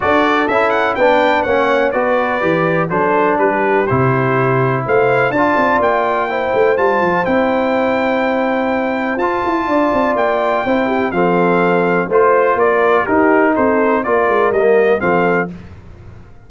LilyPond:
<<
  \new Staff \with { instrumentName = "trumpet" } { \time 4/4 \tempo 4 = 124 d''4 e''8 fis''8 g''4 fis''4 | d''2 c''4 b'4 | c''2 f''4 a''4 | g''2 a''4 g''4~ |
g''2. a''4~ | a''4 g''2 f''4~ | f''4 c''4 d''4 ais'4 | c''4 d''4 dis''4 f''4 | }
  \new Staff \with { instrumentName = "horn" } { \time 4/4 a'2 b'4 cis''4 | b'2 a'4 g'4~ | g'2 c''4 d''4~ | d''4 c''2.~ |
c''1 | d''2 c''8 g'8 a'4~ | a'4 c''4 ais'4 g'4 | a'4 ais'2 a'4 | }
  \new Staff \with { instrumentName = "trombone" } { \time 4/4 fis'4 e'4 d'4 cis'4 | fis'4 g'4 d'2 | e'2. f'4~ | f'4 e'4 f'4 e'4~ |
e'2. f'4~ | f'2 e'4 c'4~ | c'4 f'2 dis'4~ | dis'4 f'4 ais4 c'4 | }
  \new Staff \with { instrumentName = "tuba" } { \time 4/4 d'4 cis'4 b4 ais4 | b4 e4 fis4 g4 | c2 a4 d'8 c'8 | ais4. a8 g8 f8 c'4~ |
c'2. f'8 e'8 | d'8 c'8 ais4 c'4 f4~ | f4 a4 ais4 dis'4 | c'4 ais8 gis8 g4 f4 | }
>>